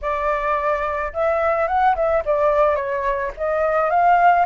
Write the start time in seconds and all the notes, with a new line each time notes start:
0.01 D5
1.13 E5
1.67 F#5
1.95 E5
2.25 D5
2.75 C#5
3.37 D#5
3.89 F5